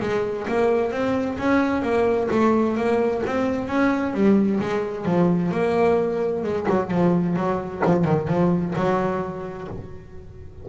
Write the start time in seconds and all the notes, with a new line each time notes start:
0.00 G#3
0.47 A#3
0.91 C4
1.38 C#4
1.82 A#3
2.31 A3
2.76 A#3
3.26 C4
3.68 C#4
4.13 G3
4.60 G#3
5.05 F3
5.51 A#3
6.43 G#3
6.68 F#3
6.90 F3
7.36 F#3
7.85 F3
8.04 D#3
8.27 F3
8.75 F#3